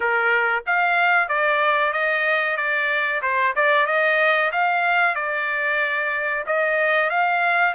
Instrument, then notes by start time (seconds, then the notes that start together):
trumpet
0.00 A#4
0.66 F5
1.28 D5
1.92 D#5
2.56 D5
3.21 C5
3.55 D5
3.86 D#5
4.52 F5
5.15 D5
6.46 D#5
7.10 F5